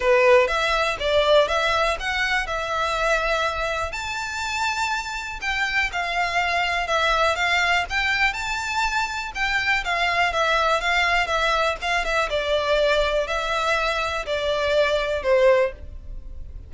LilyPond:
\new Staff \with { instrumentName = "violin" } { \time 4/4 \tempo 4 = 122 b'4 e''4 d''4 e''4 | fis''4 e''2. | a''2. g''4 | f''2 e''4 f''4 |
g''4 a''2 g''4 | f''4 e''4 f''4 e''4 | f''8 e''8 d''2 e''4~ | e''4 d''2 c''4 | }